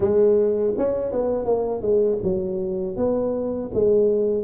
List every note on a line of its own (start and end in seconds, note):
0.00 0.74 G#3
0.77 1.12 C#4
1.12 1.45 B3
1.45 1.81 A#3
1.81 2.18 G#3
2.23 2.96 F#3
2.96 3.70 B3
3.73 4.43 G#3